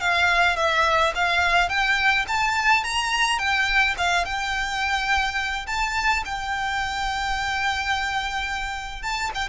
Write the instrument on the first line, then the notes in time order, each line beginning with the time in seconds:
violin
0.00 F5
0.56 E5
1.15 F5
1.69 G5
2.28 A5
2.83 A#5
3.38 G5
3.98 F5
4.25 G5
5.67 A5
6.25 G5
9.02 A5
9.34 G5